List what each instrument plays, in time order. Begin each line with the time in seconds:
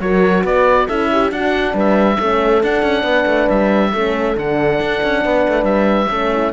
0.00 cello F#3, horn F#4 A#4, oboe C#5
0.44 cello B3, horn B4, oboe D5
0.87 cello C#4, horn E4 A4, oboe E5
1.11 horn G4
1.30 horn D4 F#4, cello D4, oboe F#5
1.73 cello G3, horn B4, oboe E5
2.19 cello A3, horn C#4 A4
2.62 cello D4, horn D4, oboe F#5
2.82 cello C#4
3.03 cello B3, horn B4
3.26 cello A3
3.50 cello G3, oboe E5
3.93 cello A3, horn C#4 A4
4.35 cello D3, horn D4, oboe F#5
4.80 cello D4
5.03 cello C#4
5.23 cello B3, horn B4
5.48 cello A3
5.63 cello G3, oboe E5
6.10 cello A3, horn C#4 A4
6.33 horn E4